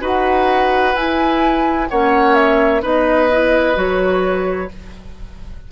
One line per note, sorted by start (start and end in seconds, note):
0.00 0.94 D#4
0.00 0.94 F#4
0.00 1.88 B4
0.00 0.95 F#5
0.94 1.88 E4
0.94 1.90 E4
0.94 1.89 G#5
1.89 2.83 A#3
1.89 2.81 C#4
1.89 2.82 C#5
1.89 2.34 F#5
2.34 2.81 E5
2.81 3.76 B3
2.81 3.28 D#4
2.81 4.69 B4
2.81 3.78 D#5
3.31 3.74 E4
3.74 4.70 F#3
3.74 4.68 F#4
3.74 4.71 C#5